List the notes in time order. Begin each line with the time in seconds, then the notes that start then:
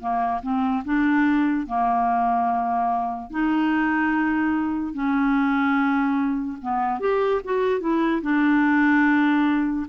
0.00 A#3
0.43 C4
0.85 D4
1.67 A#3
3.31 D#4
4.93 C#4
6.62 B3
7.00 G4
7.44 F#4
7.80 E4
8.22 D4